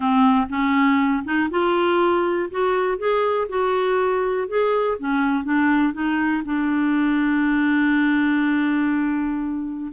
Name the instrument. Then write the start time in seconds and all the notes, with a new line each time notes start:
clarinet
0.00 C4
0.49 C#4
1.24 D#4
1.50 F4
2.50 F#4
2.98 G#4
3.48 F#4
4.47 G#4
4.98 C#4
5.44 D4
5.93 D#4
6.45 D4